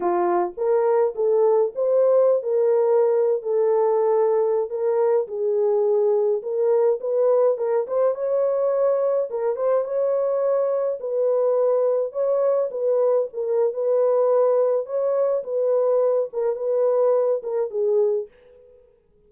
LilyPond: \new Staff \with { instrumentName = "horn" } { \time 4/4 \tempo 4 = 105 f'4 ais'4 a'4 c''4~ | c''16 ais'4.~ ais'16 a'2~ | a'16 ais'4 gis'2 ais'8.~ | ais'16 b'4 ais'8 c''8 cis''4.~ cis''16~ |
cis''16 ais'8 c''8 cis''2 b'8.~ | b'4~ b'16 cis''4 b'4 ais'8. | b'2 cis''4 b'4~ | b'8 ais'8 b'4. ais'8 gis'4 | }